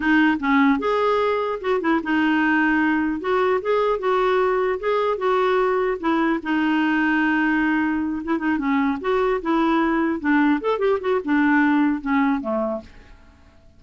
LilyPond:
\new Staff \with { instrumentName = "clarinet" } { \time 4/4 \tempo 4 = 150 dis'4 cis'4 gis'2 | fis'8 e'8 dis'2. | fis'4 gis'4 fis'2 | gis'4 fis'2 e'4 |
dis'1~ | dis'8 e'8 dis'8 cis'4 fis'4 e'8~ | e'4. d'4 a'8 g'8 fis'8 | d'2 cis'4 a4 | }